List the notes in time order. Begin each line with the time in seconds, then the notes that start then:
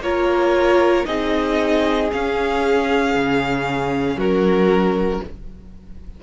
0.00 A#3 F4 A#4 C#5
1.05 C4 D#4 G#4 D#5
2.12 C#4 F5
3.15 C#3
4.16 F#3 F#4 A#4